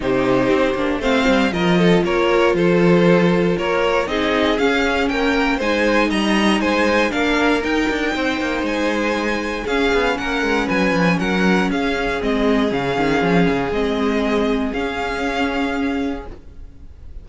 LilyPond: <<
  \new Staff \with { instrumentName = "violin" } { \time 4/4 \tempo 4 = 118 c''2 f''4 dis''4 | cis''4 c''2 cis''4 | dis''4 f''4 g''4 gis''4 | ais''4 gis''4 f''4 g''4~ |
g''4 gis''2 f''4 | fis''4 gis''4 fis''4 f''4 | dis''4 f''2 dis''4~ | dis''4 f''2. | }
  \new Staff \with { instrumentName = "violin" } { \time 4/4 g'2 c''4 ais'8 a'8 | ais'4 a'2 ais'4 | gis'2 ais'4 c''4 | dis''4 c''4 ais'2 |
c''2. gis'4 | ais'4 b'4 ais'4 gis'4~ | gis'1~ | gis'1 | }
  \new Staff \with { instrumentName = "viola" } { \time 4/4 dis'4. d'8 c'4 f'4~ | f'1 | dis'4 cis'2 dis'4~ | dis'2 d'4 dis'4~ |
dis'2. cis'4~ | cis'1 | c'4 cis'2 c'4~ | c'4 cis'2. | }
  \new Staff \with { instrumentName = "cello" } { \time 4/4 c4 c'8 ais8 a8 g8 f4 | ais4 f2 ais4 | c'4 cis'4 ais4 gis4 | g4 gis4 ais4 dis'8 d'8 |
c'8 ais8 gis2 cis'8 b8 | ais8 gis8 fis8 f8 fis4 cis'4 | gis4 cis8 dis8 f8 cis8 gis4~ | gis4 cis'2. | }
>>